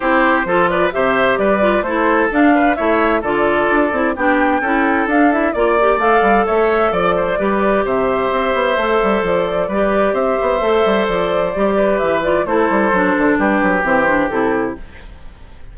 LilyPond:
<<
  \new Staff \with { instrumentName = "flute" } { \time 4/4 \tempo 4 = 130 c''4. d''8 e''4 d''4 | c''4 f''4 e''4 d''4~ | d''4 g''2 f''8 e''8 | d''4 f''4 e''4 d''4~ |
d''4 e''2. | d''2 e''2 | d''2 e''8 d''8 c''4~ | c''4 b'4 c''4 a'4 | }
  \new Staff \with { instrumentName = "oboe" } { \time 4/4 g'4 a'8 b'8 c''4 b'4 | a'4. b'8 cis''4 a'4~ | a'4 g'4 a'2 | d''2 cis''4 d''8 c''8 |
b'4 c''2.~ | c''4 b'4 c''2~ | c''4. b'4. a'4~ | a'4 g'2. | }
  \new Staff \with { instrumentName = "clarinet" } { \time 4/4 e'4 f'4 g'4. f'8 | e'4 d'4 e'4 f'4~ | f'8 e'8 d'4 e'4 d'8 e'8 | f'8 g'8 a'2. |
g'2. a'4~ | a'4 g'2 a'4~ | a'4 g'4. f'8 e'4 | d'2 c'8 d'8 e'4 | }
  \new Staff \with { instrumentName = "bassoon" } { \time 4/4 c'4 f4 c4 g4 | a4 d'4 a4 d4 | d'8 c'8 b4 cis'4 d'4 | ais4 a8 g8 a4 f4 |
g4 c4 c'8 b8 a8 g8 | f4 g4 c'8 b8 a8 g8 | f4 g4 e4 a8 g8 | fis8 d8 g8 fis8 e4 c4 | }
>>